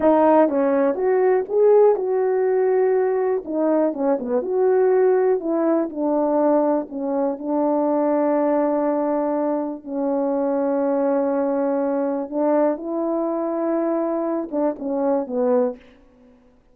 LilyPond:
\new Staff \with { instrumentName = "horn" } { \time 4/4 \tempo 4 = 122 dis'4 cis'4 fis'4 gis'4 | fis'2. dis'4 | cis'8 b8 fis'2 e'4 | d'2 cis'4 d'4~ |
d'1 | cis'1~ | cis'4 d'4 e'2~ | e'4. d'8 cis'4 b4 | }